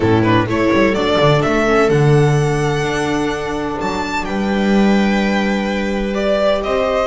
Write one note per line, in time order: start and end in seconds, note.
0.00 0.46 A2
0.00 0.23 C#4
0.00 0.47 E4
0.00 0.22 A4
0.22 0.47 D4
0.22 0.46 B4
0.46 0.70 A3
0.46 0.95 E4
0.46 4.26 A4
0.46 0.94 C#5
0.72 0.93 G3
0.93 1.17 F#3
0.93 1.66 D4
0.93 1.41 D5
1.19 1.42 D3
1.42 1.89 A3
1.42 1.89 E5
1.66 1.90 C#4
1.89 2.81 D3
1.89 6.14 D4
1.89 3.78 F#5
2.81 3.76 D4
3.80 4.26 F#3
3.80 4.24 A5
4.24 6.62 G3
4.24 6.62 B4
4.24 6.13 G5
6.14 7.06 G4
6.14 6.61 D5
6.62 7.06 C4
6.62 7.06 C5
6.62 7.06 D#5